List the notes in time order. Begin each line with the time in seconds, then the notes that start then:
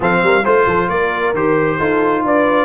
0.00 F3 C4 A4 F5
0.22 G3 A#4
0.43 A3 F4 C5
0.66 F3 A4
0.89 A#3 A#4 D5
1.33 D#3 G4 C5
1.78 D#4 F4 A4
2.24 D4 B4 D5